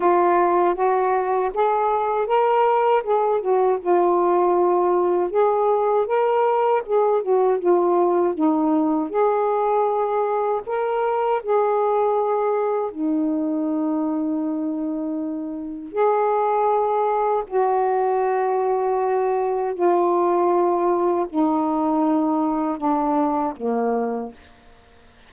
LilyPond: \new Staff \with { instrumentName = "saxophone" } { \time 4/4 \tempo 4 = 79 f'4 fis'4 gis'4 ais'4 | gis'8 fis'8 f'2 gis'4 | ais'4 gis'8 fis'8 f'4 dis'4 | gis'2 ais'4 gis'4~ |
gis'4 dis'2.~ | dis'4 gis'2 fis'4~ | fis'2 f'2 | dis'2 d'4 ais4 | }